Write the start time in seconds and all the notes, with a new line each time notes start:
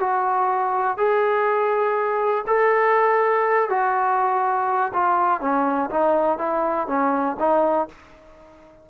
0.00 F#4
0.97 G#4
2.47 A4
3.70 F#4
4.93 F4
5.41 C#4
5.90 D#4
6.38 E4
6.88 C#4
7.39 D#4